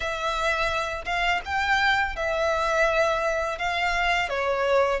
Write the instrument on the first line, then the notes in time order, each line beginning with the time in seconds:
violin
0.00 E5
1.05 F5
1.45 G5
2.16 E5
3.58 F5
4.29 C#5